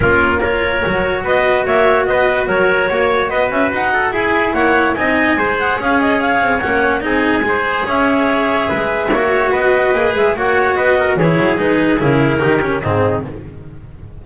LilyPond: <<
  \new Staff \with { instrumentName = "clarinet" } { \time 4/4 \tempo 4 = 145 ais'4 cis''2 dis''4 | e''4 dis''4 cis''2 | dis''8 e''8 fis''4 gis''4 fis''4 | gis''4. fis''8 f''8 dis''8 f''4 |
fis''4 gis''2 e''4~ | e''2. dis''4~ | dis''8 e''8 fis''4 dis''4 cis''4 | b'4 ais'2 gis'4 | }
  \new Staff \with { instrumentName = "trumpet" } { \time 4/4 f'4 ais'2 b'4 | cis''4 b'4 ais'4 cis''4 | b'4. a'8 gis'4 cis''4 | dis''4 c''4 cis''2~ |
cis''4 gis'4 c''4 cis''4~ | cis''4 b'4 cis''4 b'4~ | b'4 cis''4 b'8 ais'8 gis'4~ | gis'2 g'4 dis'4 | }
  \new Staff \with { instrumentName = "cello" } { \time 4/4 cis'4 f'4 fis'2~ | fis'1~ | fis'2 e'2 | dis'4 gis'2. |
cis'4 dis'4 gis'2~ | gis'2 fis'2 | gis'4 fis'2 e'4 | dis'4 e'4 dis'8 cis'8 c'4 | }
  \new Staff \with { instrumentName = "double bass" } { \time 4/4 ais2 fis4 b4 | ais4 b4 fis4 ais4 | b8 cis'8 dis'4 e'4 ais4 | c'4 gis4 cis'4. c'8 |
ais4 c'4 gis4 cis'4~ | cis'4 gis4 ais4 b4 | ais8 gis8 ais4 b4 e8 fis8 | gis4 cis4 dis4 gis,4 | }
>>